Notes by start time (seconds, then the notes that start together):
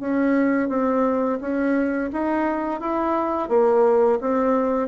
0.00 C#4
0.69 C4
1.40 C#4
2.12 D#4
2.80 E4
3.49 A#3
4.21 C4